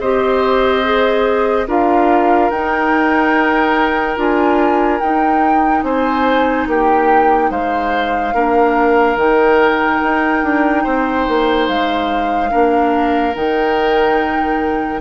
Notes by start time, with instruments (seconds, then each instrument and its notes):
0.00 bassoon C4, clarinet G4, oboe C5, flute D#5
0.84 clarinet G#4
1.67 bassoon D4, clarinet F4, oboe A#4, flute F5
2.50 bassoon D#4, clarinet D#4, flute G5
4.16 bassoon D4, clarinet F4, flute G#5
5.00 bassoon D#4, clarinet D#4, flute G5
5.83 bassoon C4, oboe C5, flute G#5
6.67 bassoon A#3, oboe G4, flute G5
7.50 bassoon G#3, oboe C5, flute F5
8.34 bassoon A#3, clarinet D4, oboe A#4
9.16 bassoon D#3, clarinet D#4, flute G5
10.03 bassoon D#4
10.43 bassoon D4
10.84 bassoon C4, oboe C5
11.28 bassoon A#3
11.68 bassoon G#3, flute F5
12.50 bassoon A#3, clarinet D4, oboe A#4
13.35 bassoon D#3, clarinet D#4, flute G5